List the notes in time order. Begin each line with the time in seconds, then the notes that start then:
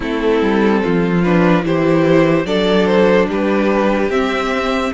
0.00 A3 C4 E4 A4
0.41 G3
0.82 F3 F4
1.23 D4 B4
1.62 E3 E4 G4 C5
2.45 F#3 D4 A4 D5
2.85 C5
3.29 G3 G4 B4
4.09 C4 E5